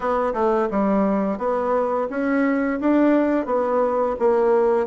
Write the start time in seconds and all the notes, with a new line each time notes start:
0.00 B3
0.33 A3
0.70 G3
1.38 B3
2.09 C#4
2.80 D4
3.45 B3
4.19 A#3